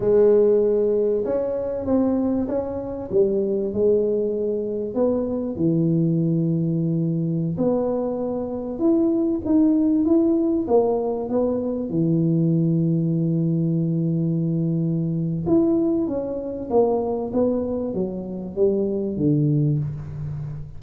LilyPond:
\new Staff \with { instrumentName = "tuba" } { \time 4/4 \tempo 4 = 97 gis2 cis'4 c'4 | cis'4 g4 gis2 | b4 e2.~ | e16 b2 e'4 dis'8.~ |
dis'16 e'4 ais4 b4 e8.~ | e1~ | e4 e'4 cis'4 ais4 | b4 fis4 g4 d4 | }